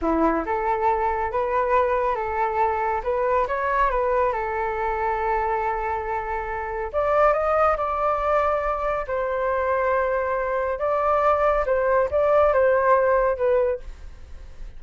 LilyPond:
\new Staff \with { instrumentName = "flute" } { \time 4/4 \tempo 4 = 139 e'4 a'2 b'4~ | b'4 a'2 b'4 | cis''4 b'4 a'2~ | a'1 |
d''4 dis''4 d''2~ | d''4 c''2.~ | c''4 d''2 c''4 | d''4 c''2 b'4 | }